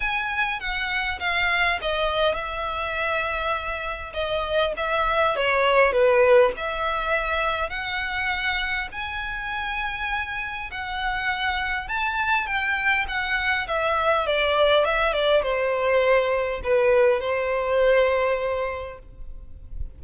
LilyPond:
\new Staff \with { instrumentName = "violin" } { \time 4/4 \tempo 4 = 101 gis''4 fis''4 f''4 dis''4 | e''2. dis''4 | e''4 cis''4 b'4 e''4~ | e''4 fis''2 gis''4~ |
gis''2 fis''2 | a''4 g''4 fis''4 e''4 | d''4 e''8 d''8 c''2 | b'4 c''2. | }